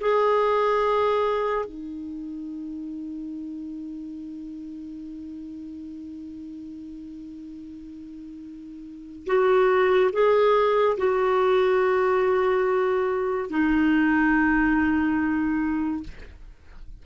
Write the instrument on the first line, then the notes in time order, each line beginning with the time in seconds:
clarinet
0.00 G#4
1.65 D#4
9.26 F#4
10.12 G#4
10.97 F#4
13.50 D#4